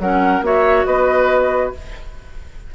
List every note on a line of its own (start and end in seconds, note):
0.00 0.42 F#3
0.00 0.44 C#4
0.00 0.46 A#4
0.00 0.45 F#5
0.42 0.86 A#3
0.42 1.75 F#4
0.42 0.87 C#5
0.42 0.86 E5
0.86 1.74 B3
0.86 1.75 B4
0.86 1.73 D#5